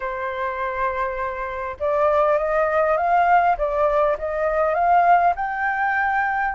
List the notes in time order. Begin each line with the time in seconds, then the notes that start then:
0.00 C5
1.79 D5
2.38 D#5
2.97 F5
3.57 D5
4.18 D#5
4.74 F5
5.35 G5